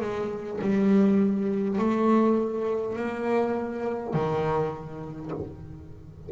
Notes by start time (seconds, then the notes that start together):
0.00 G#3
0.61 G3
1.78 A3
2.96 A#3
4.13 D#3